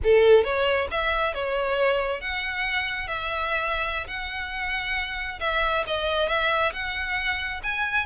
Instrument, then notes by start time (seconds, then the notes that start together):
violin
0.03 A4
0.44 C#5
0.90 E5
1.34 C#5
2.21 F#5
3.07 E5
4.07 F#5
5.40 E5
5.87 D#5
6.28 E5
6.73 F#5
7.63 G#5